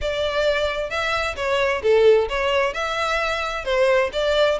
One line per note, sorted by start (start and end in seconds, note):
0.01 0.89 D5
0.89 1.35 E5
1.36 1.82 C#5
1.82 2.28 A4
2.28 2.73 C#5
2.73 3.64 E5
3.64 4.10 C5
4.12 4.58 D5